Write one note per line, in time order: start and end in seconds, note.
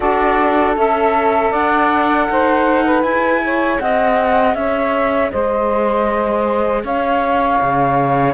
0.00 0.76 D4
0.00 0.75 F#4
0.00 1.50 A4
0.00 0.76 D5
0.76 1.52 C#4
0.76 3.03 A4
0.76 1.53 E5
1.50 2.29 D4
1.50 2.26 D5
1.50 3.02 F#5
2.29 3.03 D#4
2.29 2.84 C5
2.84 3.41 B4
3.02 3.78 E4
3.02 8.34 G#4
3.02 3.78 G#5
3.43 3.81 C#5
3.78 4.54 C4
3.78 4.56 D#5
3.78 4.54 F#5
4.54 5.30 C#4
4.54 5.32 C#5
4.54 5.30 E5
5.30 6.84 G#3
5.30 6.83 C5
5.30 6.82 D#5
6.83 7.59 C#4
6.83 8.34 C#5
6.83 8.34 F5
7.61 8.34 C#3